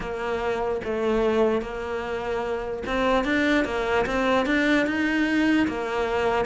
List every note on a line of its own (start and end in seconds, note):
0.00 0.81 A#3
0.84 1.61 A3
1.61 2.83 A#3
2.86 3.24 C4
3.24 3.64 D4
3.64 4.05 A#3
4.05 4.46 C4
4.46 4.86 D4
4.86 5.67 D#4
5.68 6.45 A#3